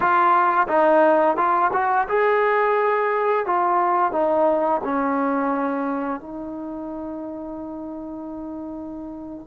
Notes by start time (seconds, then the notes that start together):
0.00 F4
0.68 D#4
1.36 F4
1.72 F#4
2.08 G#4
3.45 F4
4.12 D#4
4.83 C#4
6.20 D#4